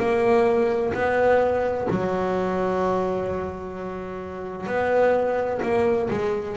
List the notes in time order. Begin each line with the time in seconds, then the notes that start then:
0.00 A#3
0.94 B3
1.91 F#3
4.67 B3
5.63 A#3
6.11 G#3